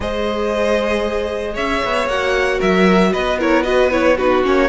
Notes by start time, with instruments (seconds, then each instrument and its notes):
0.00 cello G#3, viola G#4, violin C5 D#5
1.54 cello C#4, violin C#5 E5
1.84 cello B3
2.07 cello A#3, viola F#4, violin F#5
2.58 cello F#3, violin A#4 E5
3.12 cello B3, violin B4 D#5
3.38 viola E4, violin A#4 C#5
3.63 viola F#4, violin B4 D#5
3.91 viola E4, violin C#5
4.17 viola D#4, violin F#4 B4
4.43 cello A#3, viola C#4, violin C#5